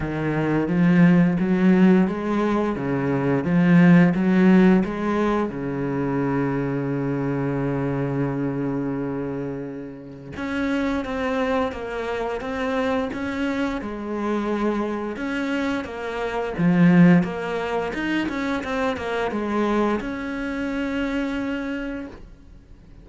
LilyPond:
\new Staff \with { instrumentName = "cello" } { \time 4/4 \tempo 4 = 87 dis4 f4 fis4 gis4 | cis4 f4 fis4 gis4 | cis1~ | cis2. cis'4 |
c'4 ais4 c'4 cis'4 | gis2 cis'4 ais4 | f4 ais4 dis'8 cis'8 c'8 ais8 | gis4 cis'2. | }